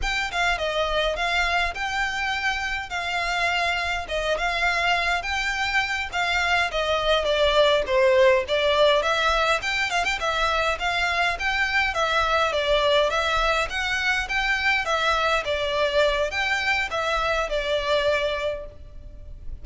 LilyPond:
\new Staff \with { instrumentName = "violin" } { \time 4/4 \tempo 4 = 103 g''8 f''8 dis''4 f''4 g''4~ | g''4 f''2 dis''8 f''8~ | f''4 g''4. f''4 dis''8~ | dis''8 d''4 c''4 d''4 e''8~ |
e''8 g''8 f''16 g''16 e''4 f''4 g''8~ | g''8 e''4 d''4 e''4 fis''8~ | fis''8 g''4 e''4 d''4. | g''4 e''4 d''2 | }